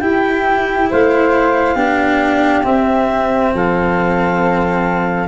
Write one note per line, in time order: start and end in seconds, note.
0.00 1.76 E4
0.00 0.90 E4
0.00 0.91 G4
0.00 0.88 G5
0.91 1.75 A3
0.91 1.76 C5
0.91 2.65 F5
1.75 2.63 B3
1.75 2.64 D4
1.75 3.52 G4
2.64 5.28 C4
2.64 3.53 C4
2.64 3.53 E5
3.54 5.28 F3
3.54 5.28 A4
3.54 5.28 F5